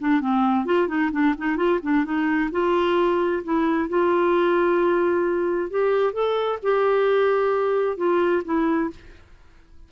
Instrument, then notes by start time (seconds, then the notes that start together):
clarinet
0.00 D4
0.20 C4
0.65 F4
0.87 D#4
1.11 D4
1.37 D#4
1.56 F4
1.82 D4
2.04 D#4
2.51 F4
3.43 E4
3.88 F4
5.70 G4
6.12 A4
6.62 G4
7.97 F4
8.44 E4